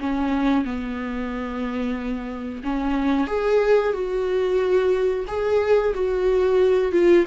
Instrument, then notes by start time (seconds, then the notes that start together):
viola
0.00 C#4
0.65 B3
2.63 C#4
3.27 G#4
3.93 F#4
5.28 G#4
5.94 F#4
6.92 F4